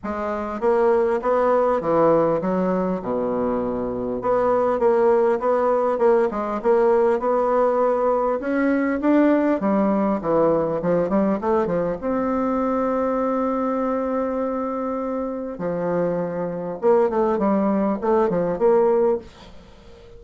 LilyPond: \new Staff \with { instrumentName = "bassoon" } { \time 4/4 \tempo 4 = 100 gis4 ais4 b4 e4 | fis4 b,2 b4 | ais4 b4 ais8 gis8 ais4 | b2 cis'4 d'4 |
g4 e4 f8 g8 a8 f8 | c'1~ | c'2 f2 | ais8 a8 g4 a8 f8 ais4 | }